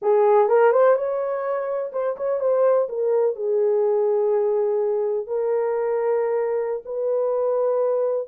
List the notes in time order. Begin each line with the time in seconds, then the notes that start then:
0.02 G#4
0.48 A#4
0.72 C5
0.95 C#5
1.92 C5
2.16 C#5
2.40 C5
2.88 A#4
3.35 G#4
5.26 A#4
6.85 B4